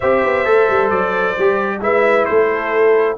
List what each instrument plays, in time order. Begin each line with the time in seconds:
0.00 tuba C4, trombone G4, horn C5, trumpet E5
0.24 tuba B3
0.45 tuba A3, trombone A4
0.69 tuba G3
0.89 tuba F#3, trumpet D5
1.37 tuba G3, trombone G4
1.81 tuba G#3, trombone E4, horn B4, trumpet E5
2.25 tuba A3, horn A4, trumpet C5